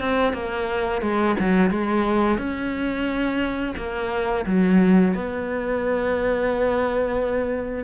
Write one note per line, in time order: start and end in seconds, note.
0.00 0.33 C4
0.33 1.01 A#3
1.01 1.35 G#3
1.39 1.70 F#3
1.70 2.38 G#3
2.38 3.74 C#4
3.77 4.45 A#3
4.46 5.14 F#3
5.14 7.84 B3